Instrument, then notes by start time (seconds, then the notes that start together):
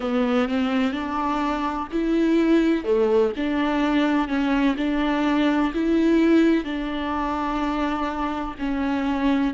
viola
0.00 B3
0.48 C4
0.92 D4
1.91 E4
2.84 A3
3.36 D4
4.28 C#4
4.77 D4
5.74 E4
6.64 D4
8.58 C#4